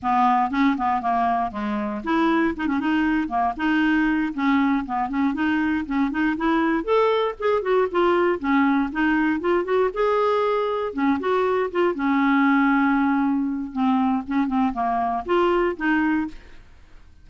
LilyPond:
\new Staff \with { instrumentName = "clarinet" } { \time 4/4 \tempo 4 = 118 b4 cis'8 b8 ais4 gis4 | e'4 dis'16 cis'16 dis'4 ais8 dis'4~ | dis'8 cis'4 b8 cis'8 dis'4 cis'8 | dis'8 e'4 a'4 gis'8 fis'8 f'8~ |
f'8 cis'4 dis'4 f'8 fis'8 gis'8~ | gis'4. cis'8 fis'4 f'8 cis'8~ | cis'2. c'4 | cis'8 c'8 ais4 f'4 dis'4 | }